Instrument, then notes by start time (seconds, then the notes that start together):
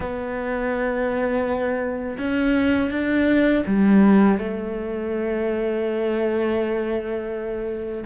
cello
0.00 B3
2.18 C#4
2.91 D4
3.66 G3
4.38 A3